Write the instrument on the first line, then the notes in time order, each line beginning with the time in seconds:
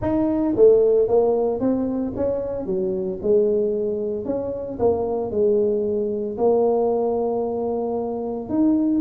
tuba
0.01 D#4
0.56 A3
1.08 A#3
1.59 C4
2.16 C#4
2.65 F#3
3.22 G#3
4.25 C#4
4.79 A#3
5.30 G#3
6.37 A#3
8.49 D#4